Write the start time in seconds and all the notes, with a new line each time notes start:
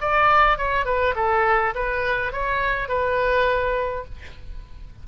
0.00 D5
0.57 C#5
0.85 B4
1.15 A4
1.74 B4
2.32 C#5
2.88 B4